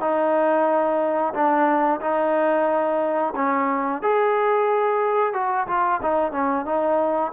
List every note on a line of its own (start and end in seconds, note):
0.00 1.33 D#4
1.34 2.00 D4
2.01 3.34 D#4
3.35 4.02 C#4
4.02 5.33 G#4
5.33 5.67 F#4
5.67 6.01 F4
6.02 6.32 D#4
6.32 6.65 C#4
6.65 7.32 D#4